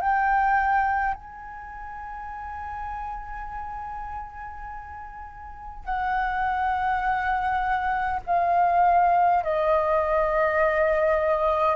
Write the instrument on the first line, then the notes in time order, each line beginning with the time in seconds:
flute
0.00 G5
1.14 G#5
5.84 F#5
8.26 F5
9.43 D#5